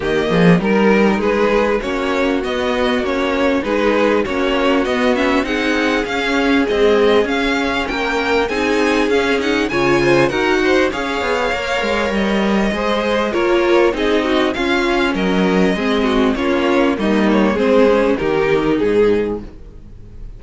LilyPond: <<
  \new Staff \with { instrumentName = "violin" } { \time 4/4 \tempo 4 = 99 dis''4 ais'4 b'4 cis''4 | dis''4 cis''4 b'4 cis''4 | dis''8 e''8 fis''4 f''4 dis''4 | f''4 g''4 gis''4 f''8 fis''8 |
gis''4 fis''4 f''2 | dis''2 cis''4 dis''4 | f''4 dis''2 cis''4 | dis''8 cis''8 c''4 ais'4 gis'4 | }
  \new Staff \with { instrumentName = "violin" } { \time 4/4 g'8 gis'8 ais'4 gis'4 fis'4~ | fis'2 gis'4 fis'4~ | fis'4 gis'2.~ | gis'4 ais'4 gis'2 |
cis''8 c''8 ais'8 c''8 cis''2~ | cis''4 c''4 ais'4 gis'8 fis'8 | f'4 ais'4 gis'8 fis'8 f'4 | dis'4 gis'4 g'4 gis'4 | }
  \new Staff \with { instrumentName = "viola" } { \time 4/4 ais4 dis'2 cis'4 | b4 cis'4 dis'4 cis'4 | b8 cis'8 dis'4 cis'4 gis4 | cis'2 dis'4 cis'8 dis'8 |
f'4 fis'4 gis'4 ais'4~ | ais'4 gis'4 f'4 dis'4 | cis'2 c'4 cis'4 | ais4 c'8 cis'8 dis'2 | }
  \new Staff \with { instrumentName = "cello" } { \time 4/4 dis8 f8 g4 gis4 ais4 | b4 ais4 gis4 ais4 | b4 c'4 cis'4 c'4 | cis'4 ais4 c'4 cis'4 |
cis4 dis'4 cis'8 b8 ais8 gis8 | g4 gis4 ais4 c'4 | cis'4 fis4 gis4 ais4 | g4 gis4 dis4 gis,4 | }
>>